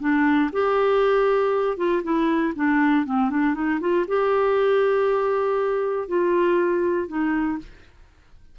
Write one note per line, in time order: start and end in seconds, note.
0.00 0.50 D4
0.52 1.77 G4
1.77 2.02 F4
2.03 2.53 E4
2.56 3.06 D4
3.06 3.30 C4
3.30 3.55 D4
3.55 3.80 D#4
3.80 4.06 F4
4.07 6.08 G4
6.08 7.08 F4
7.08 7.58 D#4